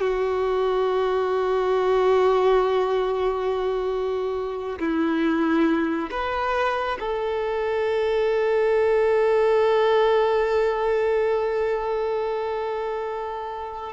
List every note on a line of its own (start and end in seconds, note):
0.00 4.78 F#4
4.79 6.09 E4
6.11 6.98 B4
6.99 13.92 A4